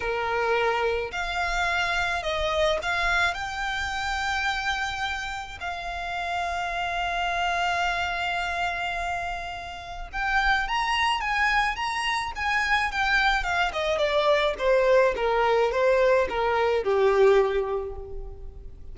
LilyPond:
\new Staff \with { instrumentName = "violin" } { \time 4/4 \tempo 4 = 107 ais'2 f''2 | dis''4 f''4 g''2~ | g''2 f''2~ | f''1~ |
f''2 g''4 ais''4 | gis''4 ais''4 gis''4 g''4 | f''8 dis''8 d''4 c''4 ais'4 | c''4 ais'4 g'2 | }